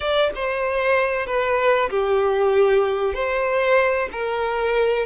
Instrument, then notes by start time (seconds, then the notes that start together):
violin
0.00 D5
0.35 C5
1.26 B4
1.90 G4
3.14 C5
4.12 A#4